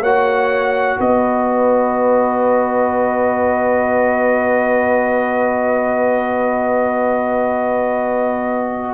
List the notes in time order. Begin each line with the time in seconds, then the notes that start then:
0.00 A#3 F#4 C#5 F#5
0.98 B3 B4 D#5